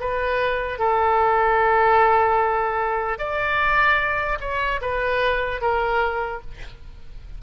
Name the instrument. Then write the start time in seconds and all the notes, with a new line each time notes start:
oboe
0.00 B4
0.79 A4
3.18 D5
4.40 C#5
4.81 B4
5.61 A#4